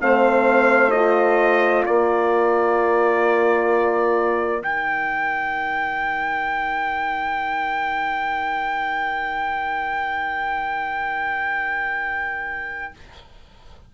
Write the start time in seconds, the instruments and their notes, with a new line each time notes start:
0.00 bassoon A3, horn C4, saxophone C5, trumpet F5
0.90 horn F4, trumpet D#5
1.85 bassoon A#3, saxophone A#4, trumpet D5
4.61 bassoon D#3, horn D#4, trumpet G5